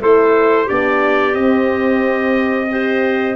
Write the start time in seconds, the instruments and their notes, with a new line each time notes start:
0.00 tuba A3, horn E4, clarinet A4, trumpet C5
0.65 tuba B3, horn D4, clarinet G4, trumpet D5
1.34 horn C4, tuba C4, trumpet D#5
2.71 horn G4, clarinet C5